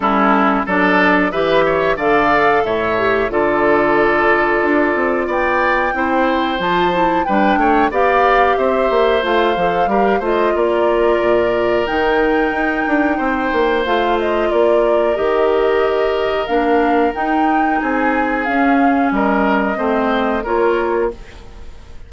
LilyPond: <<
  \new Staff \with { instrumentName = "flute" } { \time 4/4 \tempo 4 = 91 a'4 d''4 e''4 f''4 | e''4 d''2. | g''2 a''4 g''4 | f''4 e''4 f''4. dis''8 |
d''2 g''2~ | g''4 f''8 dis''8 d''4 dis''4~ | dis''4 f''4 g''4 gis''4 | f''4 dis''2 cis''4 | }
  \new Staff \with { instrumentName = "oboe" } { \time 4/4 e'4 a'4 b'8 cis''8 d''4 | cis''4 a'2. | d''4 c''2 b'8 cis''8 | d''4 c''2 ais'8 c''8 |
ais'1 | c''2 ais'2~ | ais'2. gis'4~ | gis'4 ais'4 c''4 ais'4 | }
  \new Staff \with { instrumentName = "clarinet" } { \time 4/4 cis'4 d'4 g'4 a'4~ | a'8 g'8 f'2.~ | f'4 e'4 f'8 e'8 d'4 | g'2 f'8 a'8 g'8 f'8~ |
f'2 dis'2~ | dis'4 f'2 g'4~ | g'4 d'4 dis'2 | cis'2 c'4 f'4 | }
  \new Staff \with { instrumentName = "bassoon" } { \time 4/4 g4 fis4 e4 d4 | a,4 d2 d'8 c'8 | b4 c'4 f4 g8 a8 | b4 c'8 ais8 a8 f8 g8 a8 |
ais4 ais,4 dis4 dis'8 d'8 | c'8 ais8 a4 ais4 dis4~ | dis4 ais4 dis'4 c'4 | cis'4 g4 a4 ais4 | }
>>